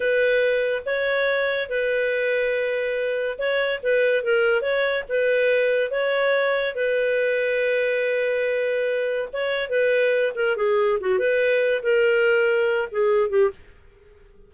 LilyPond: \new Staff \with { instrumentName = "clarinet" } { \time 4/4 \tempo 4 = 142 b'2 cis''2 | b'1 | cis''4 b'4 ais'4 cis''4 | b'2 cis''2 |
b'1~ | b'2 cis''4 b'4~ | b'8 ais'8 gis'4 fis'8 b'4. | ais'2~ ais'8 gis'4 g'8 | }